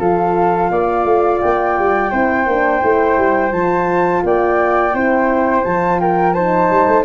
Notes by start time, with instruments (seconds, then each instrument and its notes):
0.00 tuba F3, horn F4, flute A4 F5
0.71 tuba A#3, flute D5
1.05 tuba A3
1.41 tuba A#3, flute G5
1.79 tuba G3
2.11 tuba C4, horn E4, flute C5
2.46 tuba A#3, horn D4
2.82 tuba A3, horn E4
3.17 tuba G3
3.52 tuba F3, horn F4, flute A5
4.24 tuba A#3, flute D5 G5
4.94 tuba C4, horn E4, flute C5
5.64 tuba F3, horn F4, flute A5
6.00 flute A#4 G5
6.33 horn D#4, flute C5 A5
6.70 tuba G3
6.88 tuba A3